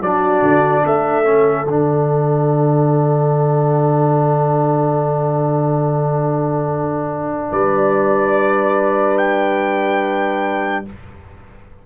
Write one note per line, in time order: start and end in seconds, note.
0.00 0.42 F#3
0.00 1.24 D4
0.00 0.83 F#4
0.00 0.86 D5
0.42 0.84 D3
0.85 1.67 A3
0.85 7.52 A4
0.85 1.68 E5
1.24 1.66 C#4
1.67 7.50 D3
1.67 10.86 D4
1.67 7.52 F#5
7.52 10.85 G3
7.52 10.85 B4
7.52 9.18 D5
9.18 10.85 G5